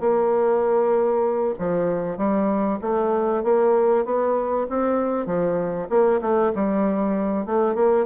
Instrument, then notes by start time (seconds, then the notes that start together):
bassoon
0.00 A#3
1.59 F3
2.17 G3
2.81 A3
3.44 A#3
4.05 B3
4.69 C4
5.26 F3
5.89 A#3
6.21 A3
6.55 G3
7.46 A3
7.75 A#3